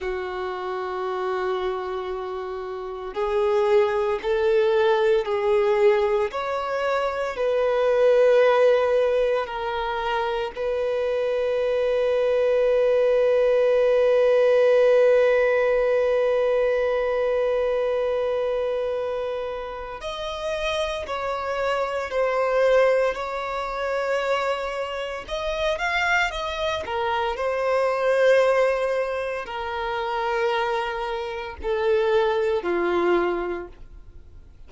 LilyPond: \new Staff \with { instrumentName = "violin" } { \time 4/4 \tempo 4 = 57 fis'2. gis'4 | a'4 gis'4 cis''4 b'4~ | b'4 ais'4 b'2~ | b'1~ |
b'2. dis''4 | cis''4 c''4 cis''2 | dis''8 f''8 dis''8 ais'8 c''2 | ais'2 a'4 f'4 | }